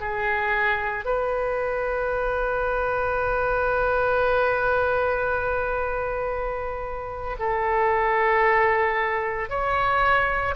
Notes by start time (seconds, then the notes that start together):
0.00 G#4
1.05 B4
7.39 A4
9.49 C#5